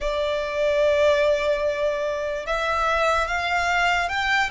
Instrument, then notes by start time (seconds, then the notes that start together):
violin
0.00 D5
2.46 E5
3.27 F5
4.08 G5